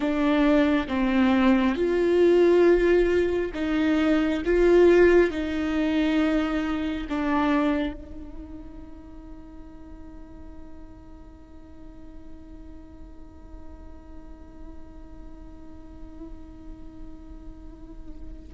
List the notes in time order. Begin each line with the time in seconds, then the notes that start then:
0.00 D4
0.87 C4
1.74 F4
3.54 D#4
4.45 F4
5.31 D#4
7.09 D4
7.93 D#4